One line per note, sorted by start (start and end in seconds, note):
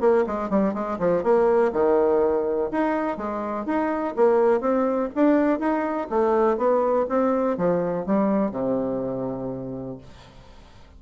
0.00 0.24 A#3
0.26 0.50 G#3
0.50 0.74 G3
0.74 0.98 G#3
0.99 1.24 F3
1.24 1.72 A#3
1.73 2.70 D#3
2.71 3.17 D#4
3.17 3.66 G#3
3.66 4.14 D#4
4.16 4.60 A#3
4.60 5.09 C4
5.15 5.59 D4
5.59 6.08 D#4
6.10 6.57 A3
6.57 7.06 B3
7.09 7.57 C4
7.57 8.06 F3
8.06 8.51 G3
8.51 9.98 C3